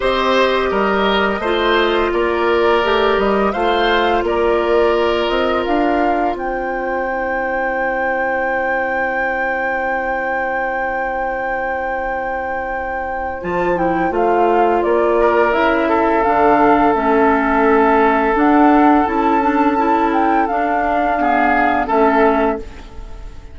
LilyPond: <<
  \new Staff \with { instrumentName = "flute" } { \time 4/4 \tempo 4 = 85 dis''2. d''4~ | d''8 dis''8 f''4 d''4. dis''8 | f''4 g''2.~ | g''1~ |
g''2. a''8 g''8 | f''4 d''4 e''4 f''4 | e''2 fis''4 a''4~ | a''8 g''8 f''2 e''4 | }
  \new Staff \with { instrumentName = "oboe" } { \time 4/4 c''4 ais'4 c''4 ais'4~ | ais'4 c''4 ais'2~ | ais'4 c''2.~ | c''1~ |
c''1~ | c''4. ais'4 a'4.~ | a'1~ | a'2 gis'4 a'4 | }
  \new Staff \with { instrumentName = "clarinet" } { \time 4/4 g'2 f'2 | g'4 f'2.~ | f'2 e'2~ | e'1~ |
e'2. f'8 e'8 | f'2 e'4 d'4 | cis'2 d'4 e'8 d'8 | e'4 d'4 b4 cis'4 | }
  \new Staff \with { instrumentName = "bassoon" } { \time 4/4 c'4 g4 a4 ais4 | a8 g8 a4 ais4. c'8 | d'4 c'2.~ | c'1~ |
c'2. f4 | a4 ais4 cis4 d4 | a2 d'4 cis'4~ | cis'4 d'2 a4 | }
>>